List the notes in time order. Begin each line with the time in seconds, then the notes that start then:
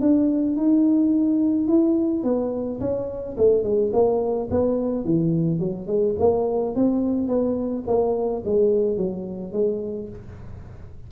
0.00 D4
0.56 D#4
1.67 E4
2.23 B3
2.80 C#4
3.37 A3
3.63 G#3
3.93 A#3
4.50 B3
5.04 E3
5.59 F#3
5.86 G#3
6.19 A#3
6.75 C4
7.27 B3
7.87 A#3
8.44 G#3
8.97 F#3
9.52 G#3